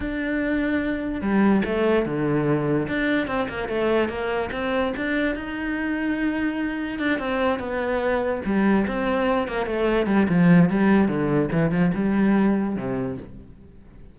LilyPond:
\new Staff \with { instrumentName = "cello" } { \time 4/4 \tempo 4 = 146 d'2. g4 | a4 d2 d'4 | c'8 ais8 a4 ais4 c'4 | d'4 dis'2.~ |
dis'4 d'8 c'4 b4.~ | b8 g4 c'4. ais8 a8~ | a8 g8 f4 g4 d4 | e8 f8 g2 c4 | }